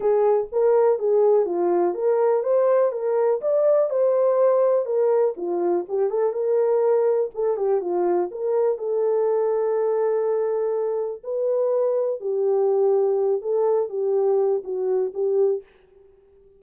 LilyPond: \new Staff \with { instrumentName = "horn" } { \time 4/4 \tempo 4 = 123 gis'4 ais'4 gis'4 f'4 | ais'4 c''4 ais'4 d''4 | c''2 ais'4 f'4 | g'8 a'8 ais'2 a'8 g'8 |
f'4 ais'4 a'2~ | a'2. b'4~ | b'4 g'2~ g'8 a'8~ | a'8 g'4. fis'4 g'4 | }